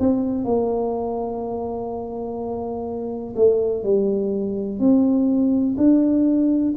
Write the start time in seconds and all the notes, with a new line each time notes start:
0.00 C4
0.45 A#3
3.37 A3
3.84 G3
4.79 C4
5.78 D4